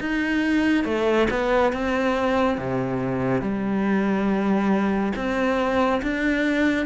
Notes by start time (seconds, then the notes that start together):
0.00 D#4
0.84 A3
1.30 B3
1.72 C4
2.57 C3
3.41 G3
5.15 C4
6.02 D4